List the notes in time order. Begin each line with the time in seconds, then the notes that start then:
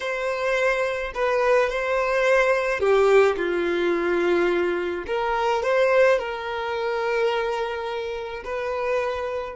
0.00 C5
1.14 B4
1.69 C5
2.80 G4
3.36 F4
5.06 A#4
5.62 C5
6.18 A#4
8.44 B4